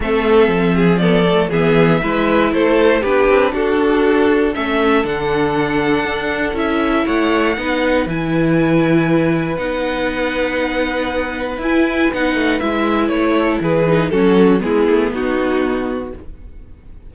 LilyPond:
<<
  \new Staff \with { instrumentName = "violin" } { \time 4/4 \tempo 4 = 119 e''2 d''4 e''4~ | e''4 c''4 b'4 a'4~ | a'4 e''4 fis''2~ | fis''4 e''4 fis''2 |
gis''2. fis''4~ | fis''2. gis''4 | fis''4 e''4 cis''4 b'4 | a'4 gis'4 fis'2 | }
  \new Staff \with { instrumentName = "violin" } { \time 4/4 a'4. gis'8 a'4 gis'4 | b'4 a'4 g'4 fis'4~ | fis'4 a'2.~ | a'2 cis''4 b'4~ |
b'1~ | b'1~ | b'2~ b'8 a'8 gis'4 | fis'4 e'4 dis'2 | }
  \new Staff \with { instrumentName = "viola" } { \time 4/4 c'2 b8 a8 b4 | e'2 d'2~ | d'4 cis'4 d'2~ | d'4 e'2 dis'4 |
e'2. dis'4~ | dis'2. e'4 | dis'4 e'2~ e'8 dis'8 | cis'4 b2. | }
  \new Staff \with { instrumentName = "cello" } { \time 4/4 a4 f2 e4 | gis4 a4 b8 c'8 d'4~ | d'4 a4 d2 | d'4 cis'4 a4 b4 |
e2. b4~ | b2. e'4 | b8 a8 gis4 a4 e4 | fis4 gis8 a8 b2 | }
>>